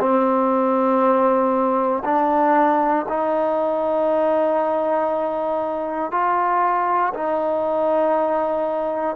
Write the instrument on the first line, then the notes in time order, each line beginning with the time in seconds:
trombone
0.00 C4
2.04 D4
3.09 D#4
6.12 F4
7.14 D#4